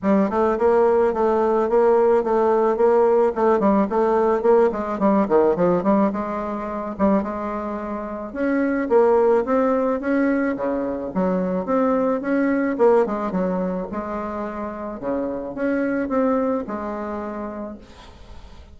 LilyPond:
\new Staff \with { instrumentName = "bassoon" } { \time 4/4 \tempo 4 = 108 g8 a8 ais4 a4 ais4 | a4 ais4 a8 g8 a4 | ais8 gis8 g8 dis8 f8 g8 gis4~ | gis8 g8 gis2 cis'4 |
ais4 c'4 cis'4 cis4 | fis4 c'4 cis'4 ais8 gis8 | fis4 gis2 cis4 | cis'4 c'4 gis2 | }